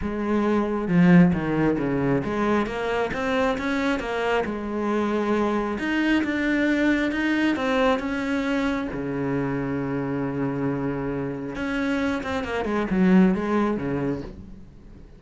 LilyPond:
\new Staff \with { instrumentName = "cello" } { \time 4/4 \tempo 4 = 135 gis2 f4 dis4 | cis4 gis4 ais4 c'4 | cis'4 ais4 gis2~ | gis4 dis'4 d'2 |
dis'4 c'4 cis'2 | cis1~ | cis2 cis'4. c'8 | ais8 gis8 fis4 gis4 cis4 | }